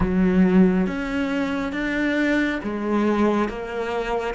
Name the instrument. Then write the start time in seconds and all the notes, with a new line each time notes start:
cello
0.00 F#3
0.87 C#4
1.72 D4
2.63 G#3
3.49 A#3